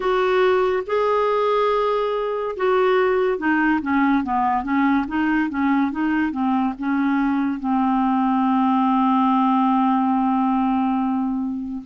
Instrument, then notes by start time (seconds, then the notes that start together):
clarinet
0.00 F#4
0.86 G#4
2.56 F#4
3.38 D#4
3.81 C#4
4.23 B3
4.63 C#4
5.07 D#4
5.49 C#4
5.91 D#4
6.31 C4
6.78 C#4
7.59 C4